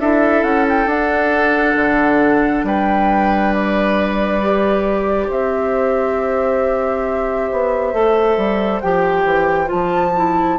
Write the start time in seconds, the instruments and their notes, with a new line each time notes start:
0.00 bassoon D4, clarinet E4, oboe A4, flute E5
0.44 bassoon C#4, flute F#5
0.69 flute G5
0.87 bassoon D4, clarinet D4, flute F#5
1.76 bassoon D3
2.64 bassoon G3, oboe B4, flute G5
3.54 flute D5
4.41 clarinet G4
5.28 bassoon C4, oboe C5, flute E5
7.52 bassoon B3
7.94 bassoon A3, clarinet A4
8.37 bassoon G3
8.81 bassoon F3, clarinet G4, flute G5
9.25 bassoon E3
9.67 clarinet F4, flute A5
9.73 bassoon F3
10.17 clarinet E4